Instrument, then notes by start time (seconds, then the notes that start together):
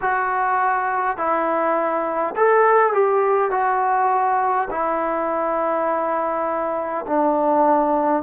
trombone
0.01 F#4
1.17 E4
2.36 A4
2.93 G4
3.50 F#4
4.70 E4
7.06 D4